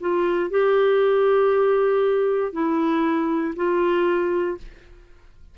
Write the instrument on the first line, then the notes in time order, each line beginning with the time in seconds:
clarinet
0.00 F4
0.50 G4
2.52 E4
3.55 F4